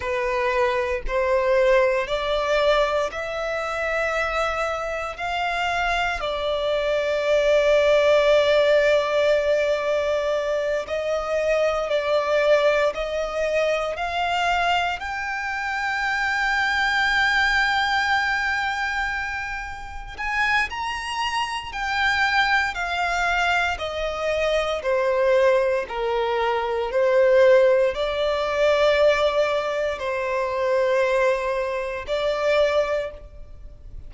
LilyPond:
\new Staff \with { instrumentName = "violin" } { \time 4/4 \tempo 4 = 58 b'4 c''4 d''4 e''4~ | e''4 f''4 d''2~ | d''2~ d''8 dis''4 d''8~ | d''8 dis''4 f''4 g''4.~ |
g''2.~ g''8 gis''8 | ais''4 g''4 f''4 dis''4 | c''4 ais'4 c''4 d''4~ | d''4 c''2 d''4 | }